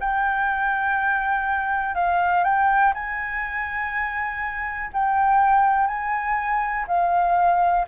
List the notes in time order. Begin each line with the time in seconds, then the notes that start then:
0.00 G5
1.95 F5
2.45 G5
2.94 G#5
4.94 G5
5.87 G#5
6.88 F5